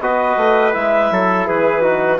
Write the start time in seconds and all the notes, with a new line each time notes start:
0.00 B3 F#4 B4 D#5
0.37 A3
0.73 G#3 E4 E5
1.11 F#3 A4
1.47 E3 G#4 B4
1.82 D#4 F#4